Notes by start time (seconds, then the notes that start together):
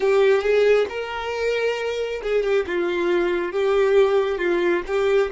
0.00 G4
0.42 G#4
0.89 A#4
2.23 G#4
2.43 G4
2.67 F4
3.52 G4
4.38 F4
4.86 G4